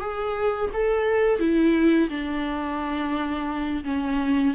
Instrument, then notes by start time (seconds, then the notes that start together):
viola
0.00 G#4
0.73 A4
1.39 E4
2.09 D4
3.84 C#4